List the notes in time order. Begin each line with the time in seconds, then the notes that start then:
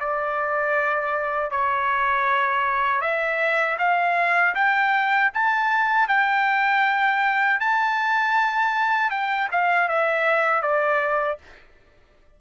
0.00 D5
1.51 C#5
3.01 E5
3.79 F5
4.55 G5
5.34 A5
6.08 G5
7.60 A5
9.10 G5
9.51 F5
9.89 E5
10.62 D5